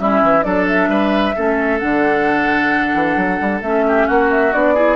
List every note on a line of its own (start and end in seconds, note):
0.00 0.23 G3
0.00 0.44 C#4
0.00 0.45 E4
0.00 0.43 E5
0.23 0.45 E3
0.43 0.88 F#3
0.43 1.34 D4
0.43 0.90 A4
0.43 0.66 D5
0.68 1.80 E5
0.88 1.34 G3
0.88 1.35 B4
1.36 1.82 A3
1.36 1.81 C#4
1.36 3.86 A4
1.80 2.95 D3
1.80 3.63 D4
1.80 3.61 F#5
2.95 3.17 E3
3.17 3.39 F#3
3.41 3.61 G3
3.61 4.07 A3
3.61 4.53 C#4
3.61 4.08 E5
3.88 4.07 G4
4.07 4.54 A#3
4.07 4.75 F#4
4.07 4.31 F#5
4.31 4.54 E5
4.53 4.97 B3
4.53 4.76 D4
4.53 4.97 D5
4.75 4.97 E4
4.75 4.97 G#4